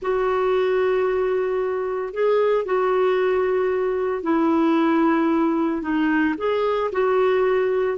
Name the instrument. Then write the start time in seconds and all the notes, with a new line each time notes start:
clarinet
0.01 F#4
2.13 G#4
2.65 F#4
4.22 E4
5.81 D#4
6.37 G#4
6.92 F#4